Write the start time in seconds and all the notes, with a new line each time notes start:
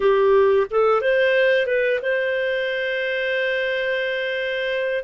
0.00 G4
0.70 A4
1.01 C5
1.66 B4
2.02 C5